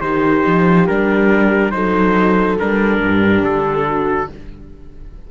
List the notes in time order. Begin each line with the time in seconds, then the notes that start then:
0.00 D#3 D#4 G4 C5
0.46 F3
0.87 G3 D4 A#4
1.71 F#3 D#4 A4 C5
2.59 G3 D4 A#4
3.00 G2 G4
3.42 D3 A4
3.87 F#4